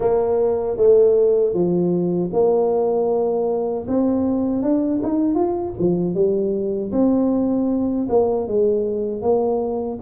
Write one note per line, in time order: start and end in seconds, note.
0.00 0.77 A#3
0.77 1.53 A3
1.53 2.30 F3
2.32 3.86 A#3
3.87 4.62 C4
4.62 5.00 D4
5.02 5.34 D#4
5.34 5.73 F4
5.78 6.14 F3
6.14 6.91 G3
6.92 8.07 C4
8.09 8.47 A#3
8.47 9.21 G#3
9.21 9.98 A#3